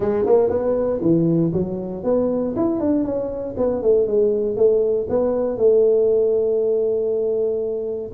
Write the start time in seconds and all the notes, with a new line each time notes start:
0.00 G#3
0.25 A#3
0.49 B3
1.01 E3
1.53 F#3
2.03 B3
2.56 E4
2.80 D4
3.04 C#4
3.57 B3
3.82 A3
4.07 G#3
4.56 A3
5.09 B3
5.57 A3